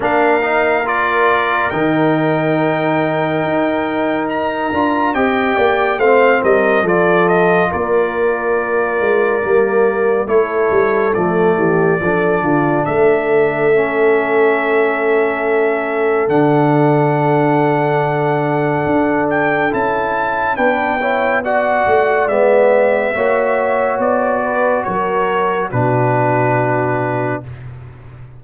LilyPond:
<<
  \new Staff \with { instrumentName = "trumpet" } { \time 4/4 \tempo 4 = 70 f''4 d''4 g''2~ | g''4 ais''4 g''4 f''8 dis''8 | d''8 dis''8 d''2. | cis''4 d''2 e''4~ |
e''2. fis''4~ | fis''2~ fis''8 g''8 a''4 | g''4 fis''4 e''2 | d''4 cis''4 b'2 | }
  \new Staff \with { instrumentName = "horn" } { \time 4/4 ais'1~ | ais'2 dis''8 d''8 c''8 ais'8 | a'4 ais'2. | a'4. g'8 a'8 f'8 a'4~ |
a'1~ | a'1 | b'8 cis''8 d''2 cis''4~ | cis''8 b'8 ais'4 fis'2 | }
  \new Staff \with { instrumentName = "trombone" } { \time 4/4 d'8 dis'8 f'4 dis'2~ | dis'4. f'8 g'4 c'4 | f'2. ais4 | e'4 a4 d'2 |
cis'2. d'4~ | d'2. e'4 | d'8 e'8 fis'4 b4 fis'4~ | fis'2 d'2 | }
  \new Staff \with { instrumentName = "tuba" } { \time 4/4 ais2 dis2 | dis'4. d'8 c'8 ais8 a8 g8 | f4 ais4. gis8 g4 | a8 g8 f8 e8 f8 d8 a4~ |
a2. d4~ | d2 d'4 cis'4 | b4. a8 gis4 ais4 | b4 fis4 b,2 | }
>>